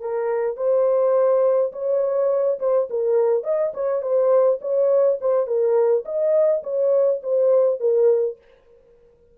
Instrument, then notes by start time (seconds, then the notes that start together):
horn
0.00 A#4
0.57 C5
1.72 C#5
2.59 C5
2.90 A#4
3.44 D#5
3.74 C#5
4.02 C5
4.61 C#5
5.21 C5
5.47 A#4
6.05 D#5
6.63 C#5
7.23 C5
7.80 A#4